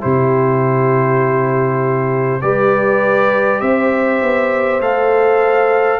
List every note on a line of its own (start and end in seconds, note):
0.00 2.43 C3
0.00 2.40 E4
0.00 2.42 G4
0.00 2.41 C5
2.41 3.61 G3
2.41 4.81 G4
2.41 3.60 B4
2.41 3.60 D5
3.60 4.21 C4
3.60 6.00 C5
3.60 4.80 E5
4.22 4.80 B3
4.80 6.00 A3
4.80 6.00 A4
4.80 6.00 F5